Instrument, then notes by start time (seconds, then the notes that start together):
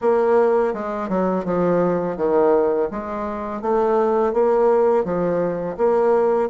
bassoon
0.01 A#3
0.73 G#3
1.08 F#3
1.45 F3
2.17 D#3
2.90 G#3
3.61 A3
4.33 A#3
5.04 F3
5.77 A#3